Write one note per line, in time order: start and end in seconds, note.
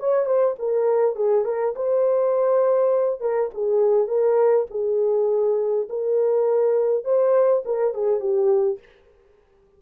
0.00 0.26 C#5
0.26 0.55 C5
0.59 1.16 A#4
1.16 1.45 G#4
1.45 1.75 A#4
1.76 3.21 C5
3.21 3.50 A#4
3.54 4.08 G#4
4.08 4.67 A#4
4.71 5.89 G#4
5.90 7.05 A#4
7.05 7.63 C5
7.66 7.94 A#4
7.94 8.20 G#4
8.20 8.79 G4